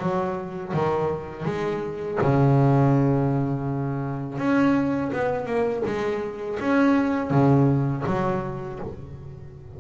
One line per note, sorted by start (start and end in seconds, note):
0.00 0.73 F#3
0.74 1.46 D#3
1.46 2.19 G#3
2.22 4.39 C#3
4.39 5.12 C#4
5.13 5.47 B3
5.47 5.83 A#3
5.86 6.59 G#3
6.61 7.31 C#4
7.31 8.04 C#3
8.07 8.80 F#3